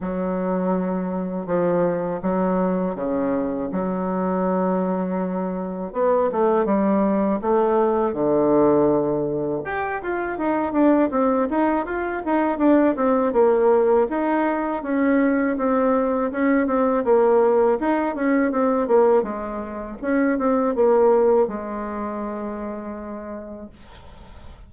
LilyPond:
\new Staff \with { instrumentName = "bassoon" } { \time 4/4 \tempo 4 = 81 fis2 f4 fis4 | cis4 fis2. | b8 a8 g4 a4 d4~ | d4 g'8 f'8 dis'8 d'8 c'8 dis'8 |
f'8 dis'8 d'8 c'8 ais4 dis'4 | cis'4 c'4 cis'8 c'8 ais4 | dis'8 cis'8 c'8 ais8 gis4 cis'8 c'8 | ais4 gis2. | }